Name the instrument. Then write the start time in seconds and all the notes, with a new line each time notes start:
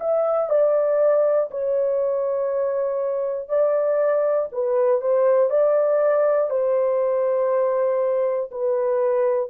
horn
0.00 E5
0.50 D5
1.50 C#5
3.49 D5
4.52 B4
5.01 C5
5.50 D5
6.50 C5
8.51 B4